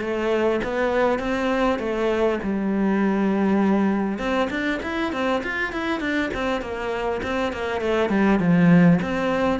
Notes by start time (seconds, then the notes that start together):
0.00 A3
0.63 B3
1.19 C4
1.79 A3
2.43 G3
4.18 C4
4.50 D4
4.82 E4
5.12 C4
5.43 F4
5.72 E4
6.00 D4
6.34 C4
6.61 A#3
7.23 C4
7.52 A#3
7.81 A3
8.09 G3
8.39 F3
9.01 C4